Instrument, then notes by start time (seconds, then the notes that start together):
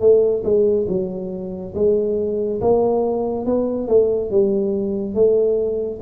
tuba
0.00 A3
0.44 G#3
0.88 F#3
1.75 G#3
2.61 A#3
3.46 B3
3.87 A3
4.31 G3
5.14 A3